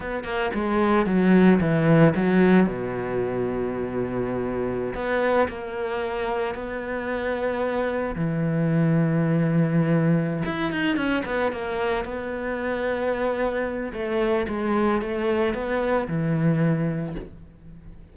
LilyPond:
\new Staff \with { instrumentName = "cello" } { \time 4/4 \tempo 4 = 112 b8 ais8 gis4 fis4 e4 | fis4 b,2.~ | b,4~ b,16 b4 ais4.~ ais16~ | ais16 b2. e8.~ |
e2.~ e8 e'8 | dis'8 cis'8 b8 ais4 b4.~ | b2 a4 gis4 | a4 b4 e2 | }